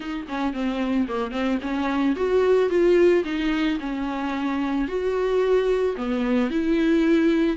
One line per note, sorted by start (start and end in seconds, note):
0.00 0.26 D#4
0.28 0.53 C#4
0.53 1.07 C4
1.08 1.31 A#3
1.31 1.58 C4
1.61 2.15 C#4
2.15 2.69 F#4
2.69 3.23 F4
3.24 3.78 D#4
3.80 4.88 C#4
4.88 5.96 F#4
5.97 6.50 B3
6.50 7.57 E4